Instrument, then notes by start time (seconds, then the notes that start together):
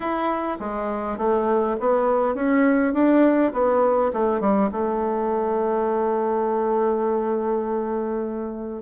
bassoon
0.00 E4
0.59 G#3
1.17 A3
1.79 B3
2.34 C#4
2.93 D4
3.52 B3
4.13 A3
4.40 G3
4.71 A3